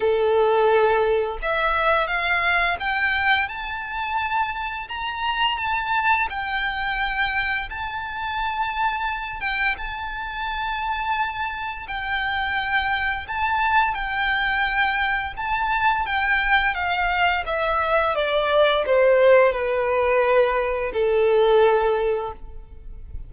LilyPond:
\new Staff \with { instrumentName = "violin" } { \time 4/4 \tempo 4 = 86 a'2 e''4 f''4 | g''4 a''2 ais''4 | a''4 g''2 a''4~ | a''4. g''8 a''2~ |
a''4 g''2 a''4 | g''2 a''4 g''4 | f''4 e''4 d''4 c''4 | b'2 a'2 | }